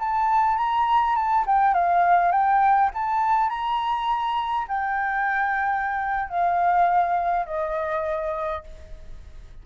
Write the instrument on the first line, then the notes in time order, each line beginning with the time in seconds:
flute
0.00 A5
0.58 A#5
1.16 A5
1.47 G5
1.75 F5
2.32 G5
2.94 A5
3.50 A#5
4.68 G5
6.30 F5
7.47 D#5